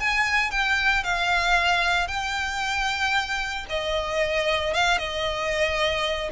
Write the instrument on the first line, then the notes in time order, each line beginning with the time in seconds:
violin
0.00 G#5
0.51 G5
1.04 F5
2.08 G5
3.70 D#5
4.74 F5
4.98 D#5